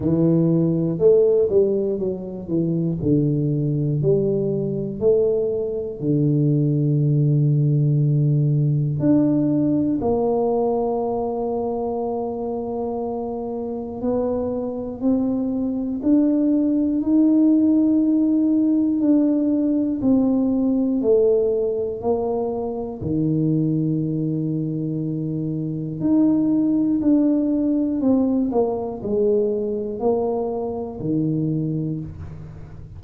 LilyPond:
\new Staff \with { instrumentName = "tuba" } { \time 4/4 \tempo 4 = 60 e4 a8 g8 fis8 e8 d4 | g4 a4 d2~ | d4 d'4 ais2~ | ais2 b4 c'4 |
d'4 dis'2 d'4 | c'4 a4 ais4 dis4~ | dis2 dis'4 d'4 | c'8 ais8 gis4 ais4 dis4 | }